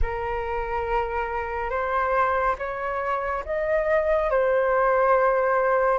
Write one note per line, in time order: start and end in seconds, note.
0.02 1.69 A#4
1.69 2.55 C5
2.58 3.44 C#5
3.45 4.30 D#5
4.30 5.98 C5